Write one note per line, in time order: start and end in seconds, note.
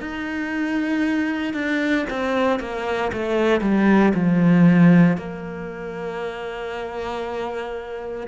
0.00 1.53 D#4
1.53 2.05 D4
2.10 2.60 C4
2.60 3.11 A#3
3.12 3.61 A3
3.61 4.13 G3
4.14 5.17 F3
5.17 8.28 A#3